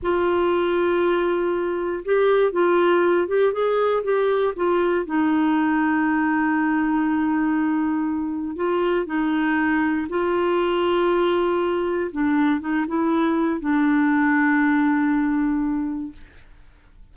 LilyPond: \new Staff \with { instrumentName = "clarinet" } { \time 4/4 \tempo 4 = 119 f'1 | g'4 f'4. g'8 gis'4 | g'4 f'4 dis'2~ | dis'1~ |
dis'4 f'4 dis'2 | f'1 | d'4 dis'8 e'4. d'4~ | d'1 | }